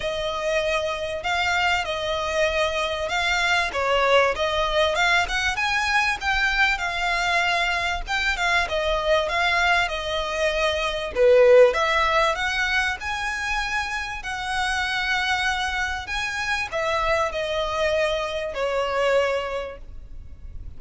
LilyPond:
\new Staff \with { instrumentName = "violin" } { \time 4/4 \tempo 4 = 97 dis''2 f''4 dis''4~ | dis''4 f''4 cis''4 dis''4 | f''8 fis''8 gis''4 g''4 f''4~ | f''4 g''8 f''8 dis''4 f''4 |
dis''2 b'4 e''4 | fis''4 gis''2 fis''4~ | fis''2 gis''4 e''4 | dis''2 cis''2 | }